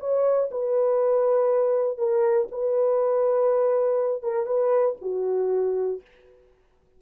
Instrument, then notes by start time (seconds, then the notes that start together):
horn
0.00 C#5
0.51 B4
1.98 A#4
2.52 B4
4.23 A#4
4.47 B4
5.02 F#4